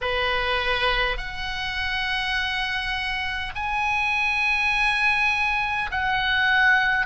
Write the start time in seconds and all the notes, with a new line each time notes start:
0.01 B4
1.17 F#5
3.55 G#5
5.91 F#5